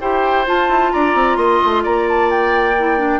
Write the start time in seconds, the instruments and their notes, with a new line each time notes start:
0.00 bassoon E4, clarinet G4, oboe C5, flute G5
0.46 clarinet F4, bassoon F4, flute A5
0.68 bassoon E4
0.92 bassoon D4, oboe D5, flute A#5
1.14 bassoon C4
1.36 bassoon A#3, oboe D#5, flute C6
1.64 bassoon A3
1.83 bassoon A#3, oboe D5, flute A#5
2.08 flute A5
2.30 flute G5
2.78 clarinet E4
2.98 clarinet D4